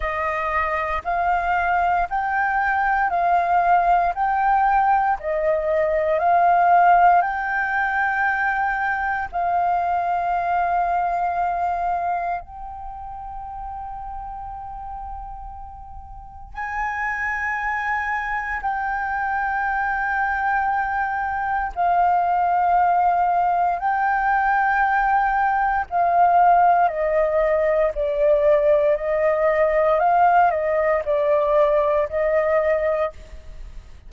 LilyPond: \new Staff \with { instrumentName = "flute" } { \time 4/4 \tempo 4 = 58 dis''4 f''4 g''4 f''4 | g''4 dis''4 f''4 g''4~ | g''4 f''2. | g''1 |
gis''2 g''2~ | g''4 f''2 g''4~ | g''4 f''4 dis''4 d''4 | dis''4 f''8 dis''8 d''4 dis''4 | }